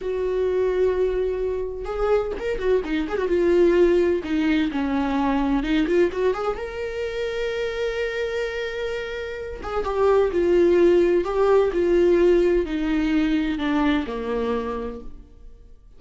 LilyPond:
\new Staff \with { instrumentName = "viola" } { \time 4/4 \tempo 4 = 128 fis'1 | gis'4 ais'8 fis'8 dis'8 gis'16 fis'16 f'4~ | f'4 dis'4 cis'2 | dis'8 f'8 fis'8 gis'8 ais'2~ |
ais'1~ | ais'8 gis'8 g'4 f'2 | g'4 f'2 dis'4~ | dis'4 d'4 ais2 | }